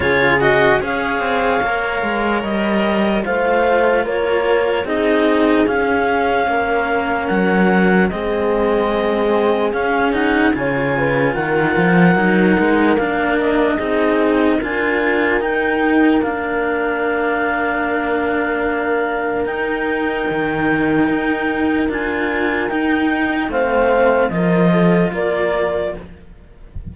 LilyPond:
<<
  \new Staff \with { instrumentName = "clarinet" } { \time 4/4 \tempo 4 = 74 cis''8 dis''8 f''2 dis''4 | f''4 cis''4 dis''4 f''4~ | f''4 fis''4 dis''2 | f''8 fis''8 gis''4 fis''2 |
f''8 dis''4. gis''4 g''4 | f''1 | g''2. gis''4 | g''4 f''4 dis''4 d''4 | }
  \new Staff \with { instrumentName = "horn" } { \time 4/4 gis'4 cis''2. | c''4 ais'4 gis'2 | ais'2 gis'2~ | gis'4 cis''8 b'8 ais'2~ |
ais'4 gis'4 ais'2~ | ais'1~ | ais'1~ | ais'4 c''4 ais'8 a'8 ais'4 | }
  \new Staff \with { instrumentName = "cello" } { \time 4/4 f'8 fis'8 gis'4 ais'2 | f'2 dis'4 cis'4~ | cis'2 c'2 | cis'8 dis'8 f'2 dis'4 |
d'4 dis'4 f'4 dis'4 | d'1 | dis'2. f'4 | dis'4 c'4 f'2 | }
  \new Staff \with { instrumentName = "cello" } { \time 4/4 cis4 cis'8 c'8 ais8 gis8 g4 | a4 ais4 c'4 cis'4 | ais4 fis4 gis2 | cis'4 cis4 dis8 f8 fis8 gis8 |
ais4 c'4 d'4 dis'4 | ais1 | dis'4 dis4 dis'4 d'4 | dis'4 a4 f4 ais4 | }
>>